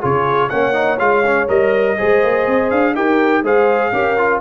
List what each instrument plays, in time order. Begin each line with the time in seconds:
0.00 tuba C#3, trombone F4, horn G#4, trumpet C#5
0.49 tuba A#3, trombone C#4, horn C#5, trumpet F#5
0.73 trombone D#4
0.99 tuba G#3, trombone F4, trumpet F5
1.26 trombone C#4
1.48 tuba G3, trombone A#4, trumpet D#5
1.97 tuba G#3, trombone G#4, horn C5
2.23 tuba A#3
2.47 tuba C4
2.70 tuba D4, trumpet F5
2.95 tuba D#4, trombone G4, horn A#4, trumpet G5
3.43 tuba G#3, trombone G#4, horn C5, trumpet F5
3.92 tuba C#4, trombone G4, horn A#4
4.18 trombone F4